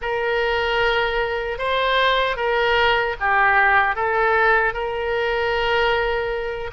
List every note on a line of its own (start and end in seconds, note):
0.01 1.58 A#4
1.58 2.36 C5
2.36 3.15 A#4
3.19 3.95 G4
3.95 4.73 A4
4.73 6.71 A#4